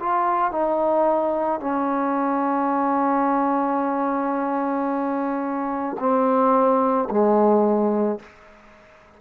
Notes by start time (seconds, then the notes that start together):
0.00 F4
0.52 D#4
1.61 C#4
6.00 C4
7.11 G#3